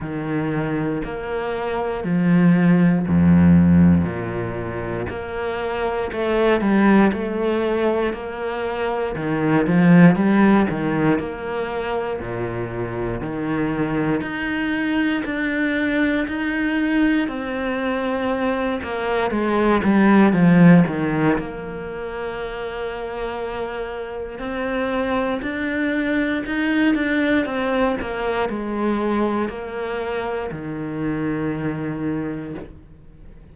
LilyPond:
\new Staff \with { instrumentName = "cello" } { \time 4/4 \tempo 4 = 59 dis4 ais4 f4 f,4 | ais,4 ais4 a8 g8 a4 | ais4 dis8 f8 g8 dis8 ais4 | ais,4 dis4 dis'4 d'4 |
dis'4 c'4. ais8 gis8 g8 | f8 dis8 ais2. | c'4 d'4 dis'8 d'8 c'8 ais8 | gis4 ais4 dis2 | }